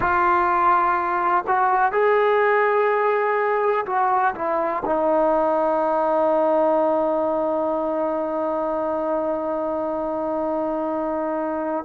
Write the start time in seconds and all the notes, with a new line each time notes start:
0.00 F4
1.47 F#4
1.91 G#4
3.85 F#4
4.34 E4
4.85 D#4